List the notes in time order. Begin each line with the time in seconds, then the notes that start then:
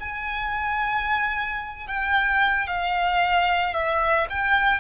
0.00 G#5
1.87 G5
2.67 F5
3.74 E5
4.30 G5